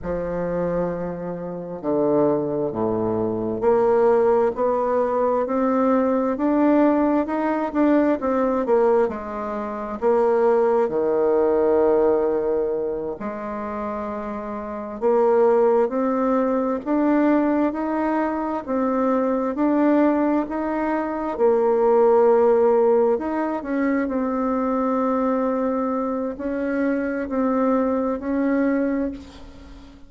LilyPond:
\new Staff \with { instrumentName = "bassoon" } { \time 4/4 \tempo 4 = 66 f2 d4 a,4 | ais4 b4 c'4 d'4 | dis'8 d'8 c'8 ais8 gis4 ais4 | dis2~ dis8 gis4.~ |
gis8 ais4 c'4 d'4 dis'8~ | dis'8 c'4 d'4 dis'4 ais8~ | ais4. dis'8 cis'8 c'4.~ | c'4 cis'4 c'4 cis'4 | }